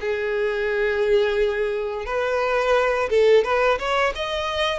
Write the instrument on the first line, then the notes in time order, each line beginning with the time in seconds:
violin
0.00 G#4
2.05 B4
3.09 A4
3.44 B4
3.78 C#5
4.15 D#5